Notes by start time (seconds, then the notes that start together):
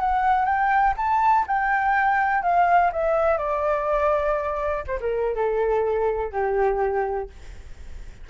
0.00 F#5
0.45 G5
0.97 A5
1.47 G5
2.42 F5
2.92 E5
3.37 D5
4.87 C5
5.00 A#4
5.35 A4
6.32 G4